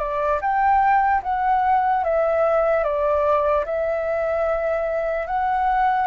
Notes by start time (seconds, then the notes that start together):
0.00 D5
0.42 G5
1.23 F#5
2.05 E5
2.84 D5
3.66 E5
5.27 F#5